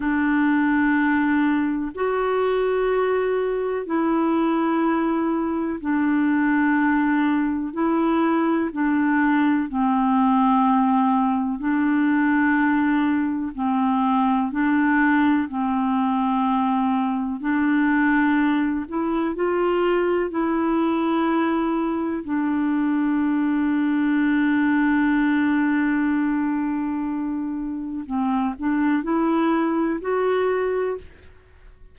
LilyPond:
\new Staff \with { instrumentName = "clarinet" } { \time 4/4 \tempo 4 = 62 d'2 fis'2 | e'2 d'2 | e'4 d'4 c'2 | d'2 c'4 d'4 |
c'2 d'4. e'8 | f'4 e'2 d'4~ | d'1~ | d'4 c'8 d'8 e'4 fis'4 | }